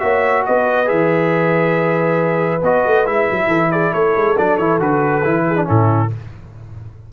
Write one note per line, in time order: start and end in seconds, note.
0.00 0.47 A#3
0.00 0.86 F#4
0.00 0.46 C#5
0.00 0.43 E5
0.46 0.91 B3
0.46 3.48 B4
0.46 0.89 D#5
0.86 2.63 E3
0.86 2.60 G#4
0.86 2.63 E5
2.63 2.84 B3
2.63 3.06 F#4
2.63 3.07 D#5
2.86 3.07 A3
3.06 3.28 G#3
3.06 4.37 E4
3.06 3.72 E5
3.31 3.47 F#3
3.47 3.91 E3
3.47 3.69 A4
3.72 3.92 G#4
3.72 3.94 D5
3.92 4.15 A3
3.92 5.45 A4
3.92 4.37 C#5
4.16 4.38 G#3
4.38 4.59 F#3
4.38 4.60 D4
4.38 4.58 D5
4.58 4.80 E3
4.58 4.80 E4
4.58 4.80 C#5
4.80 5.24 D3
4.80 5.23 F#4
4.80 5.69 B4
5.24 5.68 E3
5.24 5.56 E4
5.47 5.67 G#4
5.56 5.65 D4
5.65 6.13 A2
5.65 6.08 C#4
5.65 6.11 E4
5.65 6.12 A4